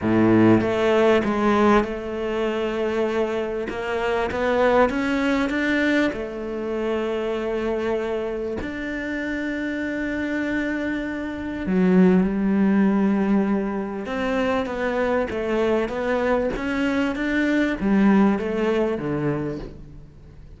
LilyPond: \new Staff \with { instrumentName = "cello" } { \time 4/4 \tempo 4 = 98 a,4 a4 gis4 a4~ | a2 ais4 b4 | cis'4 d'4 a2~ | a2 d'2~ |
d'2. fis4 | g2. c'4 | b4 a4 b4 cis'4 | d'4 g4 a4 d4 | }